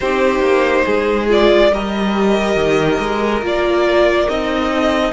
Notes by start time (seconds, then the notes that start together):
0.00 C4 D#4 G4 C5
0.39 A#3
0.85 G#3 G#4
1.28 F4 D5
1.71 G3 G4 A#4 D#5
2.55 D#3
2.99 G#3
3.41 A#3 F4 D5
4.28 C4 D#4 D#5
4.72 A4